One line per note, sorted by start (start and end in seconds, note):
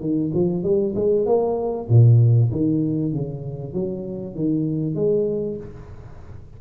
0.00 0.31 D#3
0.33 0.63 F3
0.63 0.94 G3
0.95 1.25 G#3
1.25 1.87 A#3
1.89 2.51 A#2
2.51 3.12 D#3
3.12 3.73 C#3
3.73 4.35 F#3
4.35 4.95 D#3
4.95 5.57 G#3